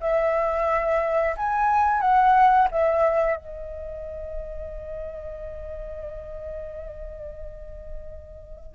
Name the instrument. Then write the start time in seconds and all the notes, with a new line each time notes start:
flute
0.00 E5
1.36 G#5
2.00 F#5
2.71 E5
3.36 D#5